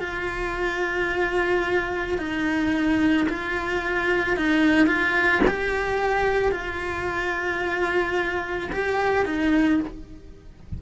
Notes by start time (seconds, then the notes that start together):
0.00 F4
2.18 D#4
3.29 F4
4.37 D#4
4.86 F4
5.47 G4
6.52 F4
8.72 G4
9.25 D#4